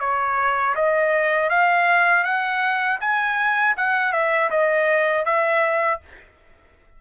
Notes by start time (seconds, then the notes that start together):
0.00 C#5
0.75 D#5
1.50 F5
2.24 F#5
3.00 G#5
3.77 F#5
4.12 E5
4.50 D#5
5.25 E5